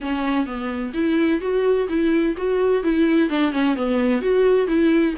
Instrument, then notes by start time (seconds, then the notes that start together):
viola
0.01 C#4
0.46 B3
0.93 E4
1.40 F#4
1.88 E4
2.37 F#4
2.83 E4
3.29 D4
3.52 C#4
3.75 B3
4.21 F#4
4.67 E4